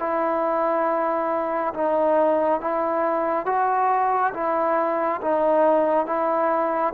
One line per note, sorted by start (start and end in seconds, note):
0.00 1.74 E4
1.74 2.61 D#4
2.61 3.46 E4
3.46 4.33 F#4
4.34 5.21 E4
5.22 6.07 D#4
6.07 6.94 E4